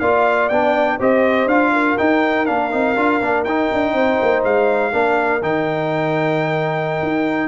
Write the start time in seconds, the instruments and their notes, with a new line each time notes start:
0.00 tuba A#3, trombone F4, horn D5, trumpet F5
0.49 tuba B3, trombone D4, trumpet G5
0.98 tuba C4, trombone G4, horn C5, trumpet D#5
1.47 tuba D4, trombone F4, trumpet F5
1.73 horn A#4
1.98 trombone D#4, tuba D#4, trumpet G5
2.46 tuba A#3, trombone D4, trumpet F5
2.71 tuba C4, trombone D#4
2.96 tuba D4, trombone F4
3.21 tuba A#3, trombone D4
3.45 tuba D#4, trombone D#4, trumpet G5
3.73 tuba D4
3.94 tuba C4, horn C5
4.22 tuba A#3
4.44 tuba G#3, trumpet F5
4.93 tuba A#3, trombone D4, horn A#4
5.42 tuba D#3, trombone D#4, trumpet G5
7.03 tuba D#4